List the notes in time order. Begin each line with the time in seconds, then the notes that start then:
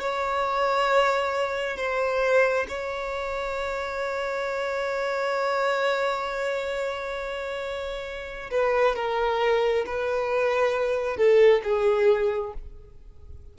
0.00 C#5
1.77 C5
2.68 C#5
8.50 B4
8.95 A#4
9.86 B4
11.17 A4
11.63 G#4